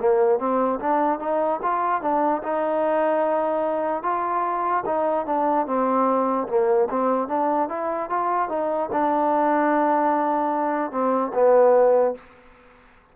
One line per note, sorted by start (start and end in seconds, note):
0.00 0.39 A#3
0.39 0.80 C4
0.80 1.20 D4
1.20 1.60 D#4
1.63 2.02 F4
2.02 2.43 D4
2.43 4.04 D#4
4.04 4.85 F4
4.86 5.26 D#4
5.26 5.67 D4
5.67 6.48 C4
6.48 6.89 A#3
6.90 7.29 C4
7.29 7.69 D4
7.70 8.10 E4
8.10 8.50 F4
8.50 8.90 D#4
8.92 10.92 D4
10.92 11.32 C4
11.34 12.15 B3